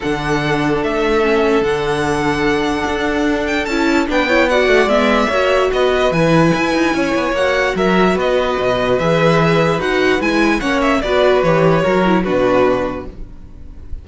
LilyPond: <<
  \new Staff \with { instrumentName = "violin" } { \time 4/4 \tempo 4 = 147 fis''2 e''2 | fis''1~ | fis''8 g''8 a''4 g''4 fis''4 | e''2 dis''4 gis''4~ |
gis''2 fis''4 e''4 | dis''2 e''2 | fis''4 gis''4 fis''8 e''8 d''4 | cis''2 b'2 | }
  \new Staff \with { instrumentName = "violin" } { \time 4/4 a'1~ | a'1~ | a'2 b'8 cis''8 d''4~ | d''4 cis''4 b'2~ |
b'4 cis''2 ais'4 | b'1~ | b'2 cis''4 b'4~ | b'4 ais'4 fis'2 | }
  \new Staff \with { instrumentName = "viola" } { \time 4/4 d'2. cis'4 | d'1~ | d'4 e'4 d'8 e'8 fis'4 | b4 fis'2 e'4~ |
e'2 fis'2~ | fis'2 gis'2 | fis'4 e'4 cis'4 fis'4 | g'4 fis'8 e'8 d'2 | }
  \new Staff \with { instrumentName = "cello" } { \time 4/4 d2 a2 | d2. d'4~ | d'4 cis'4 b4. a8 | gis4 ais4 b4 e4 |
e'8 dis'8 cis'8 b8 ais4 fis4 | b4 b,4 e2 | dis'4 gis4 ais4 b4 | e4 fis4 b,2 | }
>>